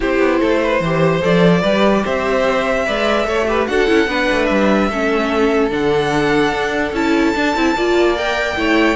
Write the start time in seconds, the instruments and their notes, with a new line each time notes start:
0.00 cello C4, viola E4, violin G4 C5
0.19 cello B3
0.40 cello A3, violin A4
0.63 violin B4
0.80 cello E3, viola G4, violin C5
1.21 cello F3, viola A4, violin D5
1.61 cello G3, viola G4, violin B4
2.03 cello C4, violin C5 E5
2.85 cello G#3, viola B4, violin D5
3.24 cello A3, viola A4, violin C#5
3.47 viola G4, violin B4
3.66 cello D4, viola F#4, violin A4 F#5
3.87 cello C#4, viola E4
4.07 cello B3, viola D4, violin B4
4.31 cello A3
4.45 cello G3, violin E5
4.89 cello A3, viola C#4, violin A4
5.70 cello D3, viola D4, violin F#5
6.52 cello D4
6.92 cello C#4, viola E4, violin A5
7.35 viola D4, cello D4
7.55 cello C4, viola E4
7.74 cello A#3, viola F4, violin D5
8.16 viola A#4, violin G5
8.56 cello A3, viola E4, violin C#5